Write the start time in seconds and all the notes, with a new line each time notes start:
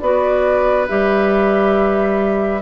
0.00 B3 F#4 B4 D5
0.88 G3 G4 E5